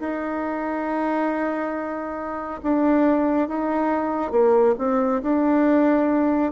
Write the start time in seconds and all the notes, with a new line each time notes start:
0.00 D#4
2.63 D4
3.48 D#4
4.32 A#3
4.79 C4
5.22 D4